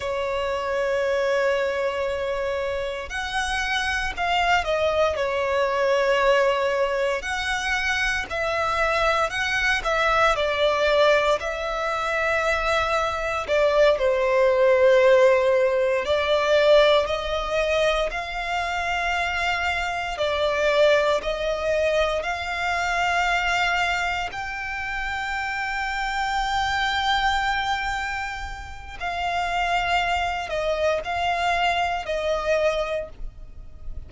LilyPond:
\new Staff \with { instrumentName = "violin" } { \time 4/4 \tempo 4 = 58 cis''2. fis''4 | f''8 dis''8 cis''2 fis''4 | e''4 fis''8 e''8 d''4 e''4~ | e''4 d''8 c''2 d''8~ |
d''8 dis''4 f''2 d''8~ | d''8 dis''4 f''2 g''8~ | g''1 | f''4. dis''8 f''4 dis''4 | }